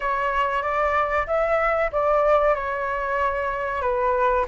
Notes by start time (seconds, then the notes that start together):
0.00 C#5
0.62 D5
1.26 E5
1.92 D5
2.54 C#5
3.81 B4